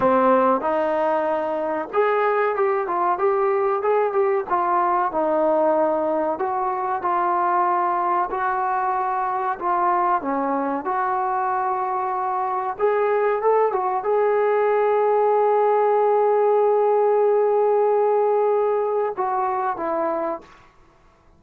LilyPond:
\new Staff \with { instrumentName = "trombone" } { \time 4/4 \tempo 4 = 94 c'4 dis'2 gis'4 | g'8 f'8 g'4 gis'8 g'8 f'4 | dis'2 fis'4 f'4~ | f'4 fis'2 f'4 |
cis'4 fis'2. | gis'4 a'8 fis'8 gis'2~ | gis'1~ | gis'2 fis'4 e'4 | }